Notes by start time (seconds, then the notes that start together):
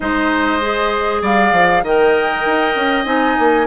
0.00 G#3 D#4 C5 D#5
0.61 G#4
1.21 G3 D5 F5
1.52 F3
1.82 D#3 A#4 D#5 G5
2.45 D#4
2.75 C#4
3.05 C4 D#4 G#5
3.38 A#3